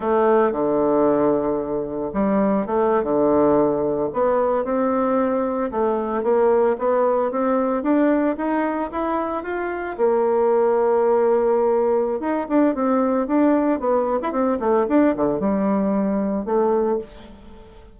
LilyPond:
\new Staff \with { instrumentName = "bassoon" } { \time 4/4 \tempo 4 = 113 a4 d2. | g4 a8. d2 b16~ | b8. c'2 a4 ais16~ | ais8. b4 c'4 d'4 dis'16~ |
dis'8. e'4 f'4 ais4~ ais16~ | ais2. dis'8 d'8 | c'4 d'4 b8. e'16 c'8 a8 | d'8 d8 g2 a4 | }